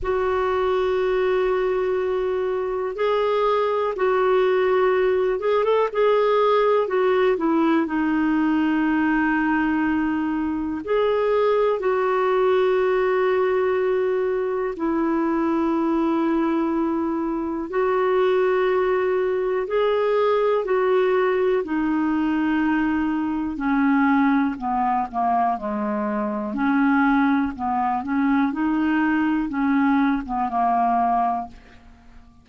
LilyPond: \new Staff \with { instrumentName = "clarinet" } { \time 4/4 \tempo 4 = 61 fis'2. gis'4 | fis'4. gis'16 a'16 gis'4 fis'8 e'8 | dis'2. gis'4 | fis'2. e'4~ |
e'2 fis'2 | gis'4 fis'4 dis'2 | cis'4 b8 ais8 gis4 cis'4 | b8 cis'8 dis'4 cis'8. b16 ais4 | }